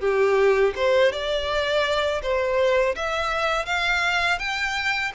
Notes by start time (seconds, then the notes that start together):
0.00 G4
0.75 C5
1.11 D5
2.22 C5
2.95 E5
3.65 F5
4.38 G5